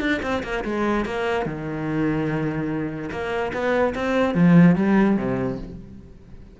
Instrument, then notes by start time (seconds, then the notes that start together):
cello
0.00 D4
0.23 C4
0.44 A#3
0.64 G#3
1.06 A#3
1.46 D#3
3.11 A#3
3.53 B3
3.95 C4
4.34 F3
4.76 G3
5.17 C3